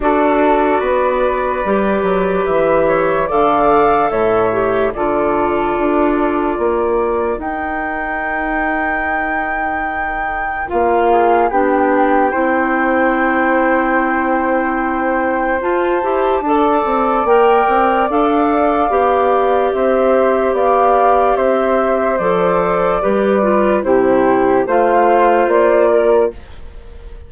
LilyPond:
<<
  \new Staff \with { instrumentName = "flute" } { \time 4/4 \tempo 4 = 73 d''2. e''4 | f''4 e''4 d''2~ | d''4 g''2.~ | g''4 f''4 g''2~ |
g''2. a''4~ | a''4 g''4 f''2 | e''4 f''4 e''4 d''4~ | d''4 c''4 f''4 d''4 | }
  \new Staff \with { instrumentName = "flute" } { \time 4/4 a'4 b'2~ b'8 cis''8 | d''4 cis''4 a'2 | ais'1~ | ais'4. gis'8 g'4 c''4~ |
c''1 | d''1 | c''4 d''4 c''2 | b'4 g'4 c''4. ais'8 | }
  \new Staff \with { instrumentName = "clarinet" } { \time 4/4 fis'2 g'2 | a'4. g'8 f'2~ | f'4 dis'2.~ | dis'4 f'4 d'4 e'4~ |
e'2. f'8 g'8 | a'4 ais'4 a'4 g'4~ | g'2. a'4 | g'8 f'8 e'4 f'2 | }
  \new Staff \with { instrumentName = "bassoon" } { \time 4/4 d'4 b4 g8 fis8 e4 | d4 a,4 d4 d'4 | ais4 dis'2.~ | dis'4 ais4 b4 c'4~ |
c'2. f'8 e'8 | d'8 c'8 ais8 c'8 d'4 b4 | c'4 b4 c'4 f4 | g4 c4 a4 ais4 | }
>>